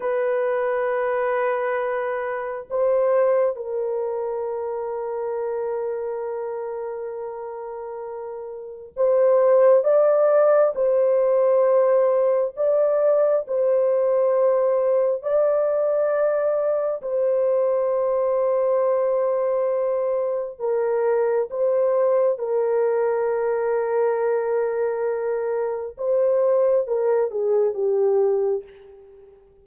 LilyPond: \new Staff \with { instrumentName = "horn" } { \time 4/4 \tempo 4 = 67 b'2. c''4 | ais'1~ | ais'2 c''4 d''4 | c''2 d''4 c''4~ |
c''4 d''2 c''4~ | c''2. ais'4 | c''4 ais'2.~ | ais'4 c''4 ais'8 gis'8 g'4 | }